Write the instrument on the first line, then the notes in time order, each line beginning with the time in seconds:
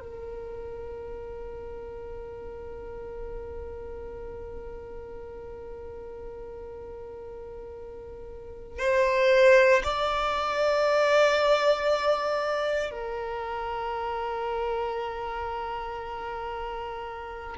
violin
0.00 A#4
8.79 C5
9.84 D5
12.91 A#4